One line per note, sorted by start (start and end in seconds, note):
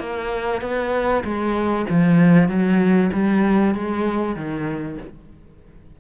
0.00 0.62 A#3
0.62 1.24 B3
1.24 1.86 G#3
1.90 2.49 F3
2.49 3.11 F#3
3.13 3.75 G3
3.75 4.36 G#3
4.36 4.98 D#3